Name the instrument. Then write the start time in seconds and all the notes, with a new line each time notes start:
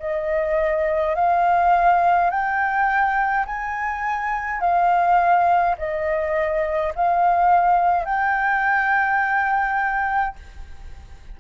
flute
0.00 D#5
1.16 F5
2.31 G5
3.47 G#5
4.60 F5
5.78 D#5
6.95 F5
8.06 G5